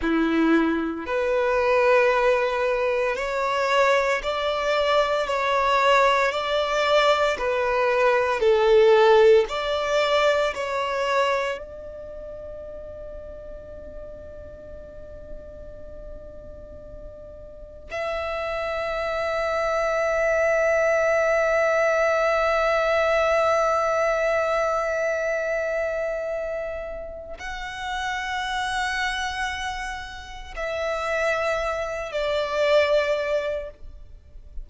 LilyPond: \new Staff \with { instrumentName = "violin" } { \time 4/4 \tempo 4 = 57 e'4 b'2 cis''4 | d''4 cis''4 d''4 b'4 | a'4 d''4 cis''4 d''4~ | d''1~ |
d''4 e''2.~ | e''1~ | e''2 fis''2~ | fis''4 e''4. d''4. | }